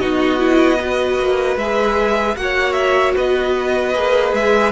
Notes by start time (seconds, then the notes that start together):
0.00 B3 D#4 F#4 D#5
0.39 E4
0.80 F#4 B4
1.19 A#3
1.57 G#3 G#4 E5
2.37 A#3 F#4 C#5 F#5
2.73 E5
3.15 B3 B4 D#5
3.95 A#3 G#4
4.33 G#3 E5